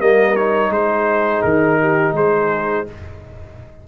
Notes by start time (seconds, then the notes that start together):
0.00 G3 A#3 A#4 D#5
0.36 D#4 C#5
0.70 G#3 G#4 C5
1.43 D#3 A#4
1.81 G4
2.13 G#3 G#4 C5